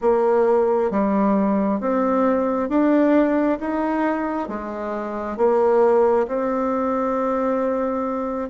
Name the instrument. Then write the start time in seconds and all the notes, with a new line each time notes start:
bassoon
0.01 A#3
0.90 G3
1.80 C4
2.69 D4
3.59 D#4
4.48 G#3
5.37 A#3
6.27 C4